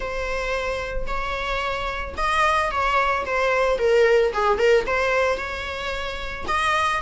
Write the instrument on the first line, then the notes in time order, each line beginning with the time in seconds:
viola
0.00 C5
1.06 C#5
2.17 D#5
2.71 C#5
3.25 C5
3.78 A#4
4.33 G#4
4.57 A#4
4.86 C5
5.37 C#5
6.47 D#5